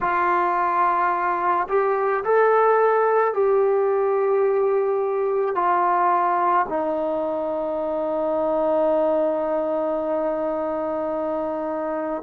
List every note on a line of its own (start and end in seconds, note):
0.01 1.67 F4
1.68 2.23 G4
2.24 3.33 A4
3.33 5.55 G4
5.55 6.66 F4
6.69 12.22 D#4